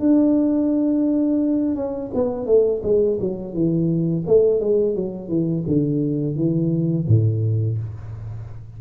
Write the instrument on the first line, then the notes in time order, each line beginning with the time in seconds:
tuba
0.00 D4
1.76 C#4
2.14 B3
2.46 A3
2.83 G#3
3.21 F#3
3.54 E3
4.27 A3
4.60 G#3
4.96 F#3
5.29 E3
5.67 D3
6.36 E3
7.08 A2